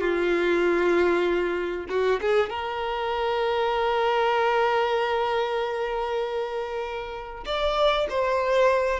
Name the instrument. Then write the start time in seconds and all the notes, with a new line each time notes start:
violin
0.00 F4
1.89 F#4
2.21 G#4
2.49 A#4
7.45 D5
8.09 C5